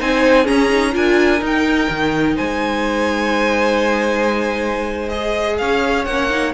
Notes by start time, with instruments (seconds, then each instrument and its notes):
0.00 cello C4, viola D#4, violin C5 G#5
0.44 viola C#4, cello C#4, violin G#4 A#5
0.70 viola D#4
0.92 cello D4, viola F4, violin A#4 G#5
1.41 cello D#4, viola D#4, violin G5
1.90 cello D#3
2.36 cello G#3, violin C5 G#5
5.09 viola G#4, violin D#5
5.58 cello C#4, violin C#5 F5
6.05 cello A#3, viola C#4, violin F#5
6.30 viola D#4